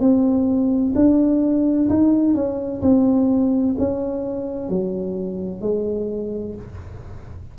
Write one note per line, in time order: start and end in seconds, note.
0.00 0.94 C4
0.95 1.89 D4
1.89 2.34 D#4
2.34 2.81 C#4
2.82 3.75 C4
3.78 4.69 C#4
4.69 5.61 F#3
5.61 6.55 G#3